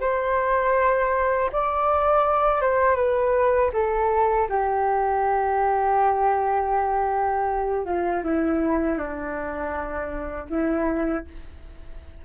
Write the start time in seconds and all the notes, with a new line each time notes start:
0.00 C5
1.52 D5
2.61 C5
2.95 B4
3.73 A4
4.49 G4
7.85 F4
8.23 E4
8.98 D4
10.49 E4